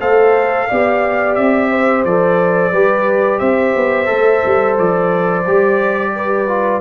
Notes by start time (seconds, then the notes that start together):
0.00 A3 A4 C5 F5
0.69 B3 G4 D5
1.35 C4 E5
1.71 C5
2.05 F3 A4 D5
2.72 G3 G4 B4
3.39 C4 C5 E5
3.76 B3
4.06 A3 A4
4.46 G3
4.78 F3 D5
5.47 G3 G4
6.15 B4
6.48 F4